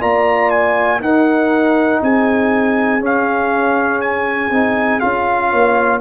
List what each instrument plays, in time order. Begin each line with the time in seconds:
0.00 tuba A#3, trombone F4, horn D5, trumpet A#5
0.50 trumpet G#5
1.00 tuba D#4, trombone D#4, horn A#4, trumpet F#5
2.02 tuba C4, horn G#4, trumpet G#5
3.00 trombone C#4, tuba C#4, trumpet F5
4.01 trumpet G#5
4.51 tuba C4, trombone D#4
5.00 tuba C#4, trombone F4, trumpet F5
5.50 tuba A#3, horn C#5